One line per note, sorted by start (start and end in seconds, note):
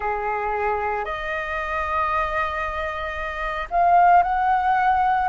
0.00 1.04 G#4
1.04 3.67 D#5
3.70 4.22 F5
4.22 5.28 F#5